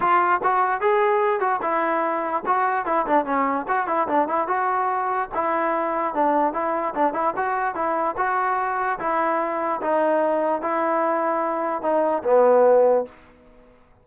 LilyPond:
\new Staff \with { instrumentName = "trombone" } { \time 4/4 \tempo 4 = 147 f'4 fis'4 gis'4. fis'8 | e'2 fis'4 e'8 d'8 | cis'4 fis'8 e'8 d'8 e'8 fis'4~ | fis'4 e'2 d'4 |
e'4 d'8 e'8 fis'4 e'4 | fis'2 e'2 | dis'2 e'2~ | e'4 dis'4 b2 | }